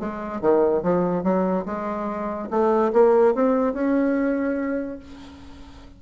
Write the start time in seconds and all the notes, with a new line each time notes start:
0.00 G#3
0.42 D#3
0.83 F3
1.24 F#3
1.66 G#3
2.51 A3
2.93 A#3
3.35 C4
3.74 C#4